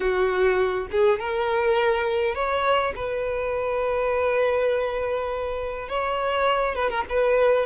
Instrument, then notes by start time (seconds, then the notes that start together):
violin
0.00 F#4
0.91 G#4
1.19 A#4
2.34 C#5
2.95 B4
5.88 C#5
6.75 B4
6.90 A#4
7.09 B4